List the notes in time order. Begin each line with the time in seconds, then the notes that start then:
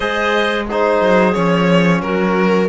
0.00 G#3 G#4 C5 D#5
0.66 D#4 G#4 C5
1.01 F#3
1.34 F3 C#4 C#5
2.01 F#3 F#4 A#4